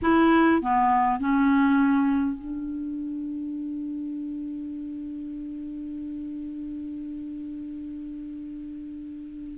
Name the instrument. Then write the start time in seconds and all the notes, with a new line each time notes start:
clarinet
0.02 E4
0.61 B3
1.19 C#4
2.38 D4